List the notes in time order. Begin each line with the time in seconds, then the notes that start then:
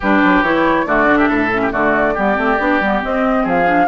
0.00 G3 D4 G4 B4
0.23 F#3
0.42 E3 E4 C#5
0.85 D3 A3 F#4 D5
1.06 D4
1.17 G4 E5
1.28 A2 A4
1.53 C#4
1.62 G4
1.71 D3 A3 F#4 D5
2.14 G3 B3 G4
2.35 A3 C4
2.59 B3 D4
2.80 G3 B3
3.02 C4 D#5
3.43 F3 G#4 F5
3.65 D4